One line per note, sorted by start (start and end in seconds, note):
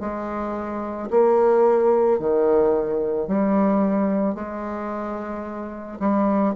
0.00 1.09 G#3
1.10 2.19 A#3
2.19 3.27 D#3
3.27 4.34 G3
4.34 5.98 G#3
6.00 6.54 G3